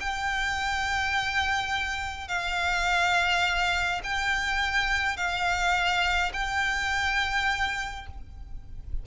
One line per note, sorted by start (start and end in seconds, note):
0.00 2.28 G5
2.28 4.01 F5
4.03 5.16 G5
5.16 6.32 F5
6.33 8.06 G5